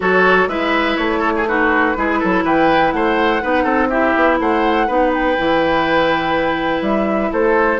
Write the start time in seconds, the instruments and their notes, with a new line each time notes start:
0.00 bassoon F#3, clarinet F#4, oboe A4, flute C#5
0.47 bassoon G#3, clarinet E4, oboe B4, flute E5
0.96 bassoon A3, flute C#5
1.19 oboe A4
1.35 oboe G#4
1.47 clarinet D#4, oboe F#4, flute B4
1.96 bassoon G#3, clarinet E4, oboe G#4
2.19 bassoon F#3, oboe A4
2.44 bassoon E3, oboe B4, flute G5
2.91 bassoon A3, oboe C5, flute F#5
3.42 bassoon B3, clarinet D#4, oboe B4
3.63 bassoon C4, oboe A4
3.89 clarinet E4, oboe G4, flute E5
4.15 bassoon B3
4.39 bassoon A3, oboe C5, flute F#5
4.87 bassoon B3, clarinet D#4, oboe B4
5.13 flute G5
5.37 bassoon E3, clarinet E4
6.81 bassoon G3, flute E5
7.32 bassoon A3, oboe A4, flute C5